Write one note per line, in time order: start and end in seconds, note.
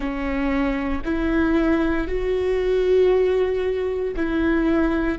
0.00 1.02 C#4
1.04 2.07 E4
2.07 4.14 F#4
4.16 5.18 E4